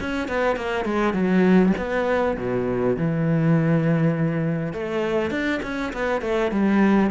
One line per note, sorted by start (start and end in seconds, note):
0.00 0.28 C#4
0.28 0.56 B3
0.56 0.85 A#3
0.85 1.13 G#3
1.13 1.73 F#3
1.77 2.37 B3
2.37 2.96 B2
2.96 4.73 E3
4.73 5.30 A3
5.30 5.60 D4
5.62 5.92 C#4
5.93 6.21 B3
6.21 6.51 A3
6.51 7.10 G3